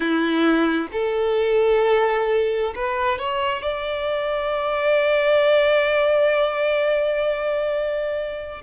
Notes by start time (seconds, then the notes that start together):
0.00 E4
0.92 A4
2.75 B4
3.19 C#5
3.62 D5